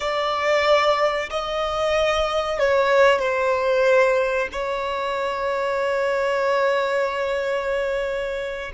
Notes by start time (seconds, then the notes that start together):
0.00 D5
1.30 D#5
2.59 C#5
3.19 C5
4.52 C#5